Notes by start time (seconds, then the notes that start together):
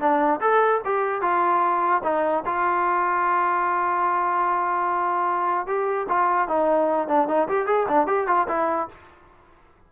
0.00 D4
0.41 A4
0.85 G4
1.22 F4
2.04 D#4
2.46 F4
5.67 G4
6.09 F4
6.48 D#4
7.08 D4
7.28 D#4
7.48 G4
7.67 G#4
7.89 D4
8.07 G4
8.27 F4
8.48 E4